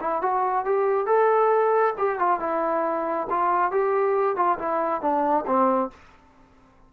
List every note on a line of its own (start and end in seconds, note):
0.00 0.21 E4
0.21 0.64 F#4
0.64 1.06 G4
1.06 1.93 A4
1.97 2.19 G4
2.19 2.39 F4
2.39 3.27 E4
3.29 3.71 F4
3.71 4.36 G4
4.36 4.58 F4
4.58 5.01 E4
5.01 5.45 D4
5.46 5.90 C4